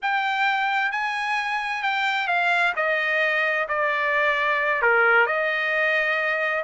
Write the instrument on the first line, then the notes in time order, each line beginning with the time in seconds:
trumpet
0.02 G5
0.91 G#5
1.82 G5
2.27 F5
2.76 D#5
3.68 D5
4.82 A#4
5.26 D#5